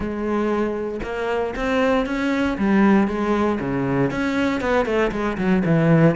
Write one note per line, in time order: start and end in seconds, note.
0.00 1.00 G#3
1.03 1.54 A#3
1.56 2.06 C4
2.06 2.57 C#4
2.58 3.07 G3
3.07 3.59 G#3
3.59 4.10 C#3
4.10 4.60 C#4
4.60 4.85 B3
4.85 5.11 A3
5.11 5.37 G#3
5.37 5.63 F#3
5.65 6.15 E3